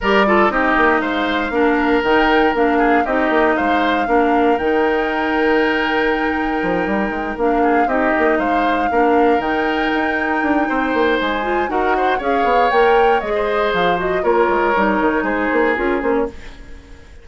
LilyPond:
<<
  \new Staff \with { instrumentName = "flute" } { \time 4/4 \tempo 4 = 118 d''4 dis''4 f''2 | g''4 f''4 dis''4 f''4~ | f''4 g''2.~ | g''2~ g''8 f''4 dis''8~ |
dis''8 f''2 g''4.~ | g''2 gis''4 fis''4 | f''4 g''4 dis''4 f''8 dis''8 | cis''2 c''4 ais'8 c''16 cis''16 | }
  \new Staff \with { instrumentName = "oboe" } { \time 4/4 ais'8 a'8 g'4 c''4 ais'4~ | ais'4. gis'8 g'4 c''4 | ais'1~ | ais'2. gis'8 g'8~ |
g'8 c''4 ais'2~ ais'8~ | ais'4 c''2 ais'8 c''8 | cis''2~ cis''16 c''4.~ c''16 | ais'2 gis'2 | }
  \new Staff \with { instrumentName = "clarinet" } { \time 4/4 g'8 f'8 dis'2 d'4 | dis'4 d'4 dis'2 | d'4 dis'2.~ | dis'2~ dis'8 d'4 dis'8~ |
dis'4. d'4 dis'4.~ | dis'2~ dis'8 f'8 fis'4 | gis'4 ais'4 gis'4. fis'8 | f'4 dis'2 f'8 cis'8 | }
  \new Staff \with { instrumentName = "bassoon" } { \time 4/4 g4 c'8 ais8 gis4 ais4 | dis4 ais4 c'8 ais8 gis4 | ais4 dis2.~ | dis4 f8 g8 gis8 ais4 c'8 |
ais8 gis4 ais4 dis4 dis'8~ | dis'8 d'8 c'8 ais8 gis4 dis'4 | cis'8 b8 ais4 gis4 f4 | ais8 gis8 g8 dis8 gis8 ais8 cis'8 ais8 | }
>>